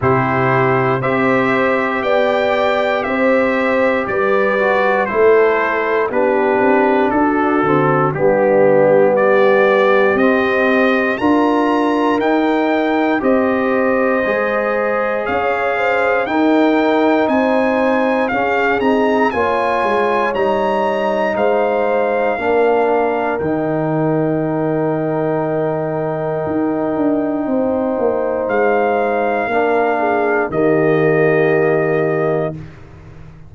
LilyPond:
<<
  \new Staff \with { instrumentName = "trumpet" } { \time 4/4 \tempo 4 = 59 c''4 e''4 g''4 e''4 | d''4 c''4 b'4 a'4 | g'4 d''4 dis''4 ais''4 | g''4 dis''2 f''4 |
g''4 gis''4 f''8 ais''8 gis''4 | ais''4 f''2 g''4~ | g''1 | f''2 dis''2 | }
  \new Staff \with { instrumentName = "horn" } { \time 4/4 g'4 c''4 d''4 c''4 | b'4 a'4 g'4 fis'4 | d'4 g'2 ais'4~ | ais'4 c''2 cis''8 c''8 |
ais'4 c''4 gis'4 cis''4~ | cis''4 c''4 ais'2~ | ais'2. c''4~ | c''4 ais'8 gis'8 g'2 | }
  \new Staff \with { instrumentName = "trombone" } { \time 4/4 e'4 g'2.~ | g'8 fis'8 e'4 d'4. c'8 | b2 c'4 f'4 | dis'4 g'4 gis'2 |
dis'2 cis'8 dis'8 f'4 | dis'2 d'4 dis'4~ | dis'1~ | dis'4 d'4 ais2 | }
  \new Staff \with { instrumentName = "tuba" } { \time 4/4 c4 c'4 b4 c'4 | g4 a4 b8 c'8 d'8 d8 | g2 c'4 d'4 | dis'4 c'4 gis4 cis'4 |
dis'4 c'4 cis'8 c'8 ais8 gis8 | g4 gis4 ais4 dis4~ | dis2 dis'8 d'8 c'8 ais8 | gis4 ais4 dis2 | }
>>